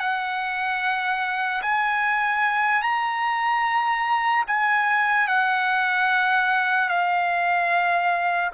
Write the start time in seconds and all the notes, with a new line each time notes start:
0.00 F#5
1.62 G#5
2.83 A#5
4.48 G#5
5.28 F#5
6.89 F5